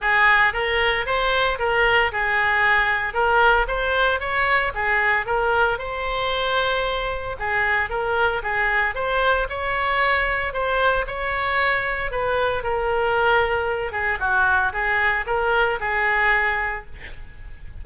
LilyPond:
\new Staff \with { instrumentName = "oboe" } { \time 4/4 \tempo 4 = 114 gis'4 ais'4 c''4 ais'4 | gis'2 ais'4 c''4 | cis''4 gis'4 ais'4 c''4~ | c''2 gis'4 ais'4 |
gis'4 c''4 cis''2 | c''4 cis''2 b'4 | ais'2~ ais'8 gis'8 fis'4 | gis'4 ais'4 gis'2 | }